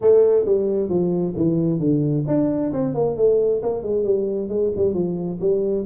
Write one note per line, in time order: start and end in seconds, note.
0.01 0.45 A3
0.45 0.89 G3
0.89 1.34 F3
1.36 1.79 E3
1.79 2.24 D3
2.27 2.72 D4
2.73 2.94 C4
2.94 3.16 A#3
3.16 3.62 A3
3.62 3.82 A#3
3.82 4.04 G#3
4.04 4.49 G3
4.49 4.71 G#3
4.76 4.94 G3
4.94 5.39 F3
5.40 5.85 G3